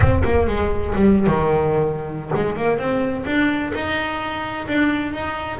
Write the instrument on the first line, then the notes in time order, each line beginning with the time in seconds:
double bass
0.00 C4
0.24 A#3
0.47 G#3
0.95 G3
1.26 D#3
2.34 G#3
2.56 A#3
2.78 C4
3.26 D4
3.74 D#4
4.67 D4
5.13 D#4